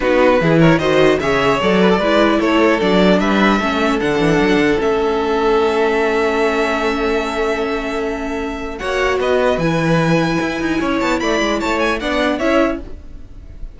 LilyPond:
<<
  \new Staff \with { instrumentName = "violin" } { \time 4/4 \tempo 4 = 150 b'4. cis''8 dis''4 e''4 | d''2 cis''4 d''4 | e''2 fis''2 | e''1~ |
e''1~ | e''2 fis''4 dis''4 | gis''2.~ gis''8 a''8 | b''4 a''8 gis''8 fis''4 e''4 | }
  \new Staff \with { instrumentName = "violin" } { \time 4/4 fis'4 gis'8 ais'8 c''4 cis''4~ | cis''8 b'16 a'16 b'4 a'2 | b'4 a'2.~ | a'1~ |
a'1~ | a'2 cis''4 b'4~ | b'2. cis''4 | d''4 cis''4 d''4 cis''4 | }
  \new Staff \with { instrumentName = "viola" } { \time 4/4 dis'4 e'4 fis'4 gis'4 | a'4 e'2 d'4~ | d'4 cis'4 d'2 | cis'1~ |
cis'1~ | cis'2 fis'2 | e'1~ | e'2 d'4 e'4 | }
  \new Staff \with { instrumentName = "cello" } { \time 4/4 b4 e4 dis4 cis4 | fis4 gis4 a4 fis4 | g4 a4 d8 e8 fis8 d8 | a1~ |
a1~ | a2 ais4 b4 | e2 e'8 dis'8 cis'8 b8 | a8 gis8 a4 b4 cis'4 | }
>>